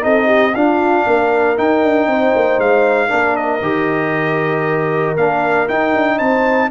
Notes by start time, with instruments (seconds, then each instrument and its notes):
0.00 tuba C4, trombone D#4, horn A4, trumpet D#5
0.26 horn G4
0.54 tuba D4, trombone D4, horn F4, trumpet F5
1.06 tuba A#3, horn A#4
1.56 trombone D#4, tuba D#4, trumpet G5
1.83 tuba D4
2.06 tuba C4, horn C5
2.34 tuba A#3
2.58 tuba G#3, trumpet F5
3.08 tuba A#3, trombone D4, horn A#4
3.36 trumpet D#5
3.61 tuba D#3, trombone G4
5.16 tuba A#3, trombone D4, trumpet F5
5.68 trombone D#4, tuba D#4, trumpet G5
5.95 tuba D4
6.17 tuba C4, horn C5, trumpet A5